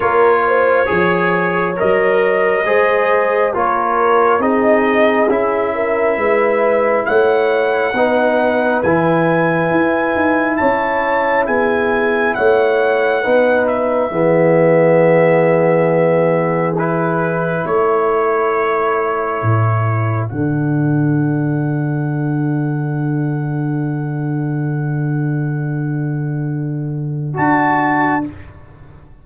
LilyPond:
<<
  \new Staff \with { instrumentName = "trumpet" } { \time 4/4 \tempo 4 = 68 cis''2 dis''2 | cis''4 dis''4 e''2 | fis''2 gis''2 | a''4 gis''4 fis''4. e''8~ |
e''2. b'4 | cis''2. fis''4~ | fis''1~ | fis''2. a''4 | }
  \new Staff \with { instrumentName = "horn" } { \time 4/4 ais'8 c''8 cis''2 c''4 | ais'4 gis'4. ais'8 b'4 | cis''4 b'2. | cis''4 gis'4 cis''4 b'4 |
gis'1 | a'1~ | a'1~ | a'1 | }
  \new Staff \with { instrumentName = "trombone" } { \time 4/4 f'4 gis'4 ais'4 gis'4 | f'4 dis'4 e'2~ | e'4 dis'4 e'2~ | e'2. dis'4 |
b2. e'4~ | e'2. d'4~ | d'1~ | d'2. fis'4 | }
  \new Staff \with { instrumentName = "tuba" } { \time 4/4 ais4 f4 fis4 gis4 | ais4 c'4 cis'4 gis4 | a4 b4 e4 e'8 dis'8 | cis'4 b4 a4 b4 |
e1 | a2 a,4 d4~ | d1~ | d2. d'4 | }
>>